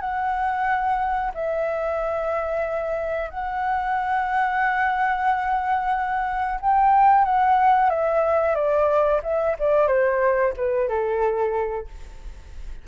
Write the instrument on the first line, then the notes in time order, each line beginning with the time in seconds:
flute
0.00 F#5
1.34 E5
3.30 F#5
6.61 G5
7.24 F#5
7.89 E5
8.55 D5
9.23 E5
9.59 D5
9.87 C5
10.56 B4
10.89 A4